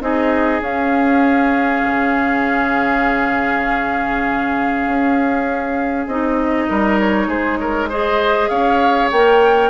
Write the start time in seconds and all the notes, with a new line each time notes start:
0.00 C4 D#4 G#4 D#5
0.61 C#4 F5
1.84 C#3
4.86 C#4
6.07 C4 D#4 D#5
6.68 G3 A#4
6.99 C#5
7.27 G#3 G#4 C5
7.57 A#4 C#5
7.89 G#4 C5 D#5
8.48 C#4 C#5 F5
9.11 A#3 A#4 G5